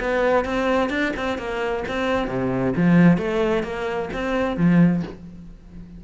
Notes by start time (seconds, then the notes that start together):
0.00 B3
0.45 C4
0.89 D4
1.16 C4
1.38 A#3
1.88 C4
2.27 C3
2.76 F3
3.17 A3
3.63 A#3
4.13 C4
4.57 F3